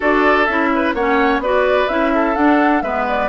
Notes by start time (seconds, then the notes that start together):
0.00 D4 F#4 A4 D5
0.45 C#4 E4 E5
0.75 B4
0.94 A#3 C#4 C#5 F#5
1.38 B3 F#4 B4 D5
1.88 C#4 E4 E5
2.14 A4
2.35 D4 F#5
2.81 G#3 B3 B4 E5
3.08 D5